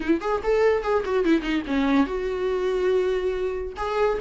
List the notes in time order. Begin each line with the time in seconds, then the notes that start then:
0.00 E4
0.20 G#4
0.43 A4
0.82 G#4
1.05 F#4
1.24 E4
1.41 D#4
1.66 C#4
2.06 F#4
3.76 G#4